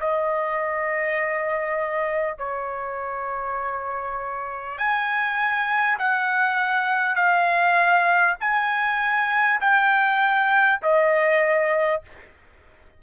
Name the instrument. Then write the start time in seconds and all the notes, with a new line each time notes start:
trumpet
0.00 D#5
2.38 C#5
4.78 G#5
5.98 F#5
7.16 F5
8.41 G#5
9.61 G5
10.82 D#5